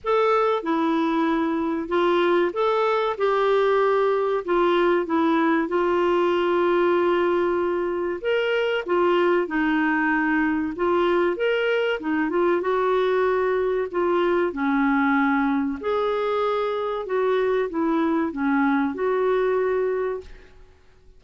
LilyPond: \new Staff \with { instrumentName = "clarinet" } { \time 4/4 \tempo 4 = 95 a'4 e'2 f'4 | a'4 g'2 f'4 | e'4 f'2.~ | f'4 ais'4 f'4 dis'4~ |
dis'4 f'4 ais'4 dis'8 f'8 | fis'2 f'4 cis'4~ | cis'4 gis'2 fis'4 | e'4 cis'4 fis'2 | }